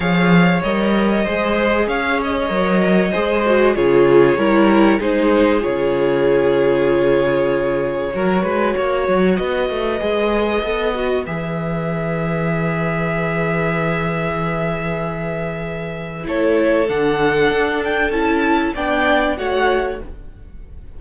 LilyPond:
<<
  \new Staff \with { instrumentName = "violin" } { \time 4/4 \tempo 4 = 96 f''4 dis''2 f''8 dis''8~ | dis''2 cis''2 | c''4 cis''2.~ | cis''2. dis''4~ |
dis''2 e''2~ | e''1~ | e''2 cis''4 fis''4~ | fis''8 g''8 a''4 g''4 fis''4 | }
  \new Staff \with { instrumentName = "violin" } { \time 4/4 cis''2 c''4 cis''4~ | cis''4 c''4 gis'4 ais'4 | gis'1~ | gis'4 ais'8 b'8 cis''4 b'4~ |
b'1~ | b'1~ | b'2 a'2~ | a'2 d''4 cis''4 | }
  \new Staff \with { instrumentName = "viola" } { \time 4/4 gis'4 ais'4 gis'2 | ais'4 gis'8 fis'8 f'4 e'4 | dis'4 f'2.~ | f'4 fis'2. |
gis'4 a'8 fis'8 gis'2~ | gis'1~ | gis'2 e'4 d'4~ | d'4 e'4 d'4 fis'4 | }
  \new Staff \with { instrumentName = "cello" } { \time 4/4 f4 g4 gis4 cis'4 | fis4 gis4 cis4 g4 | gis4 cis2.~ | cis4 fis8 gis8 ais8 fis8 b8 a8 |
gis4 b4 e2~ | e1~ | e2 a4 d4 | d'4 cis'4 b4 a4 | }
>>